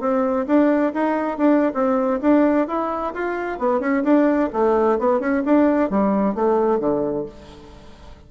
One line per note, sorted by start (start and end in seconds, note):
0.00 0.46 C4
0.47 0.93 D4
0.94 1.38 D#4
1.38 1.72 D4
1.74 2.20 C4
2.21 2.67 D4
2.67 3.14 E4
3.14 3.59 F4
3.59 3.80 B3
3.80 4.03 C#4
4.04 4.50 D4
4.53 4.99 A3
4.99 5.20 B3
5.20 5.43 C#4
5.45 5.90 D4
5.90 6.35 G3
6.35 6.80 A3
6.80 7.26 D3